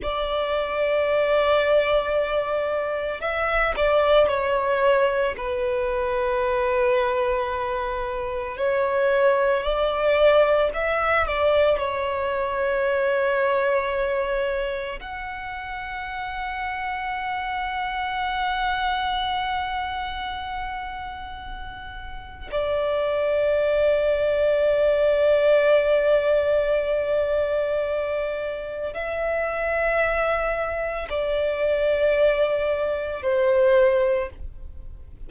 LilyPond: \new Staff \with { instrumentName = "violin" } { \time 4/4 \tempo 4 = 56 d''2. e''8 d''8 | cis''4 b'2. | cis''4 d''4 e''8 d''8 cis''4~ | cis''2 fis''2~ |
fis''1~ | fis''4 d''2.~ | d''2. e''4~ | e''4 d''2 c''4 | }